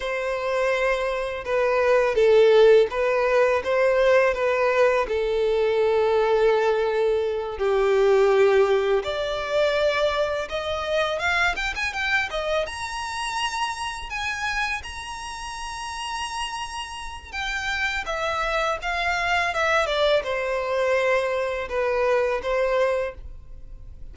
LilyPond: \new Staff \with { instrumentName = "violin" } { \time 4/4 \tempo 4 = 83 c''2 b'4 a'4 | b'4 c''4 b'4 a'4~ | a'2~ a'8 g'4.~ | g'8 d''2 dis''4 f''8 |
g''16 gis''16 g''8 dis''8 ais''2 gis''8~ | gis''8 ais''2.~ ais''8 | g''4 e''4 f''4 e''8 d''8 | c''2 b'4 c''4 | }